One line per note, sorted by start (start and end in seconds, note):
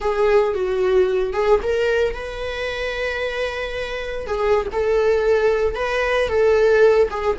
0.00 0.54 G#4
0.54 1.33 F#4
1.33 1.59 G#4
1.62 2.14 A#4
2.14 4.26 B4
4.26 4.67 G#4
4.72 5.75 A4
5.75 6.28 B4
6.28 7.09 A4
7.10 7.37 G#4